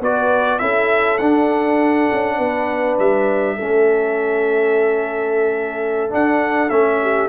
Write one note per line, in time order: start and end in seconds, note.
0.00 0.59 B3
0.00 0.60 F#4
0.00 0.61 B4
0.00 0.59 D5
0.59 1.21 C#4
0.59 1.19 E4
0.59 2.37 A4
0.59 1.18 E5
1.18 2.10 D4
1.18 3.58 D4
1.18 2.96 F#5
2.12 2.38 C#4
2.37 2.98 B3
2.37 3.55 B4
2.99 3.58 G3
2.99 6.11 E5
3.55 6.13 A3
3.55 6.09 C#4
3.55 6.97 A4
6.09 6.69 D4
6.09 6.70 D4
6.09 6.70 F#5
6.70 7.28 A3
6.70 7.28 C#4
6.70 7.28 E5
7.01 7.28 G4